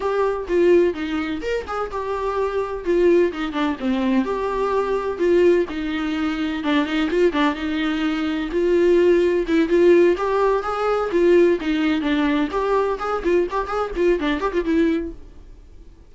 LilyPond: \new Staff \with { instrumentName = "viola" } { \time 4/4 \tempo 4 = 127 g'4 f'4 dis'4 ais'8 gis'8 | g'2 f'4 dis'8 d'8 | c'4 g'2 f'4 | dis'2 d'8 dis'8 f'8 d'8 |
dis'2 f'2 | e'8 f'4 g'4 gis'4 f'8~ | f'8 dis'4 d'4 g'4 gis'8 | f'8 g'8 gis'8 f'8 d'8 g'16 f'16 e'4 | }